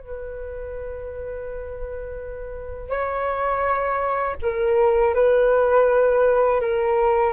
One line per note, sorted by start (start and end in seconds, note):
0.00 2.89 B4
2.89 4.36 C#5
4.42 5.14 A#4
5.14 6.60 B4
6.60 7.33 A#4